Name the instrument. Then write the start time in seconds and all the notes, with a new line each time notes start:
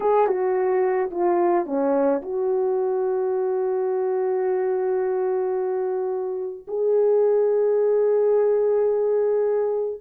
horn
0.00 G#4
0.27 F#4
1.10 F4
1.66 C#4
2.21 F#4
6.67 G#4